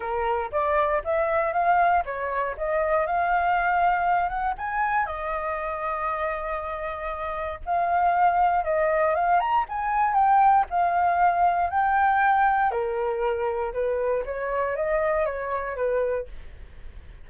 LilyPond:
\new Staff \with { instrumentName = "flute" } { \time 4/4 \tempo 4 = 118 ais'4 d''4 e''4 f''4 | cis''4 dis''4 f''2~ | f''8 fis''8 gis''4 dis''2~ | dis''2. f''4~ |
f''4 dis''4 f''8 ais''8 gis''4 | g''4 f''2 g''4~ | g''4 ais'2 b'4 | cis''4 dis''4 cis''4 b'4 | }